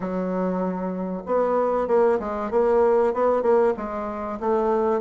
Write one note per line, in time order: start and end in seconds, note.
0.00 1.22 F#3
1.26 1.87 B3
1.87 2.18 A#3
2.19 2.50 G#3
2.51 3.13 A#3
3.13 3.42 B3
3.42 3.73 A#3
3.76 4.39 G#3
4.39 5.01 A3